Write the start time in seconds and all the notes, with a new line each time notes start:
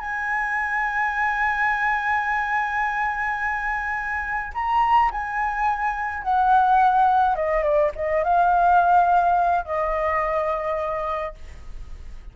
0.00 G#5
4.54 A#5
5.11 G#5
6.23 F#5
7.36 D#5
7.63 D5
7.96 D#5
8.24 F5
9.65 D#5